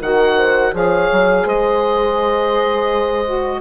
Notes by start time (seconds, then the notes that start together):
0.00 D#3 F#4 A#4 F#5
0.36 C5
0.73 F3 G#4 C#5 F5
1.12 F#3
1.44 G#3 C5 D#5
3.26 F#4